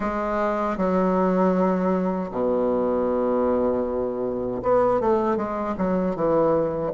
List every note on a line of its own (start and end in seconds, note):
0.00 0.77 G#3
0.77 2.30 F#3
2.31 4.62 B2
4.62 5.00 B3
5.00 5.36 A3
5.36 5.75 G#3
5.77 6.15 F#3
6.15 6.92 E3